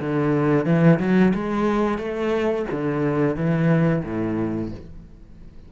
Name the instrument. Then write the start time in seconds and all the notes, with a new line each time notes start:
cello
0.00 D3
0.65 E3
0.99 F#3
1.34 G#3
1.98 A3
2.71 D3
3.36 E3
4.04 A2